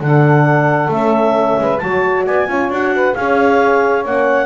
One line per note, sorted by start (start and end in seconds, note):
0.00 0.88 D3
0.00 0.90 D4
0.00 1.60 A4
0.00 0.92 F#5
0.88 1.55 A3
0.88 1.79 C#4
0.88 1.78 E5
1.59 1.81 G#3
1.59 1.82 B4
1.78 2.26 F#3
1.78 2.48 F#4
1.78 2.25 C#5
1.78 2.23 A5
2.25 2.48 B3
2.25 2.48 D5
2.25 2.71 G#5
2.48 2.69 C#4
2.48 2.70 F4
2.48 2.94 C#5
2.69 3.14 D4
2.69 3.15 F#4
2.69 3.14 F#5
2.94 3.16 B4
3.14 4.06 C#4
3.14 4.05 G#4
3.14 4.46 C#5
3.14 4.04 F5
4.05 4.46 A#3
4.05 4.46 C#4
4.05 4.46 F#5